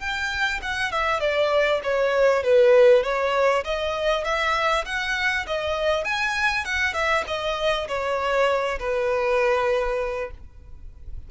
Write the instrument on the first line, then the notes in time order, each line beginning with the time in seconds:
violin
0.00 G5
0.63 F#5
0.92 E5
1.21 D5
1.84 C#5
2.44 B4
3.04 C#5
3.65 D#5
4.25 E5
4.86 F#5
5.47 D#5
6.05 G#5
6.65 F#5
6.94 E5
7.28 D#5
7.88 C#5
8.80 B4